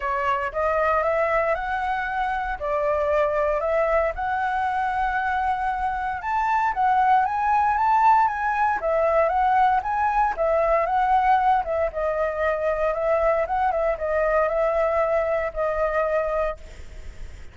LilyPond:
\new Staff \with { instrumentName = "flute" } { \time 4/4 \tempo 4 = 116 cis''4 dis''4 e''4 fis''4~ | fis''4 d''2 e''4 | fis''1 | a''4 fis''4 gis''4 a''4 |
gis''4 e''4 fis''4 gis''4 | e''4 fis''4. e''8 dis''4~ | dis''4 e''4 fis''8 e''8 dis''4 | e''2 dis''2 | }